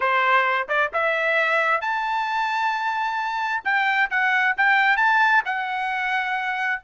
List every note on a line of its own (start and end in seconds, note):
0.00 0.67 C5
0.68 0.91 D5
0.93 1.81 E5
1.81 3.62 A5
3.64 4.10 G5
4.10 4.55 F#5
4.57 4.96 G5
4.96 5.42 A5
5.45 6.81 F#5